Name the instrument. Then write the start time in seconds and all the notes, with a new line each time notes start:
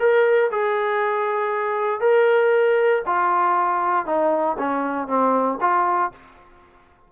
trombone
0.00 A#4
0.52 G#4
2.01 A#4
3.06 F4
4.07 D#4
4.59 C#4
5.08 C4
5.61 F4